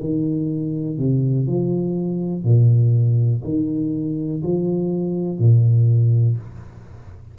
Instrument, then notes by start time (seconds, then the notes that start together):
tuba
0.00 D#3
0.98 C3
1.48 F3
2.45 A#2
3.44 D#3
4.44 F3
5.39 A#2